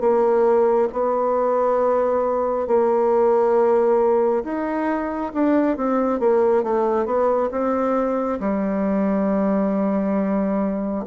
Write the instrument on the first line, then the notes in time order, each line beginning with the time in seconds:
bassoon
0.00 A#3
0.92 B3
2.67 A#3
4.44 D#4
5.33 D4
5.76 C4
6.19 A#3
6.63 A3
7.05 B3
7.51 C4
8.40 G3